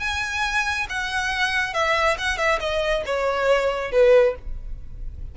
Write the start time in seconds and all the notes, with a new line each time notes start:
0.00 G#5
0.89 F#5
1.74 E5
2.18 F#5
2.38 E5
2.60 D#5
3.06 C#5
3.92 B4